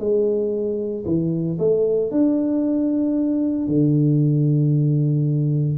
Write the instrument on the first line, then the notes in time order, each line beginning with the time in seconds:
tuba
0.00 G#3
1.06 E3
1.59 A3
2.12 D4
3.68 D3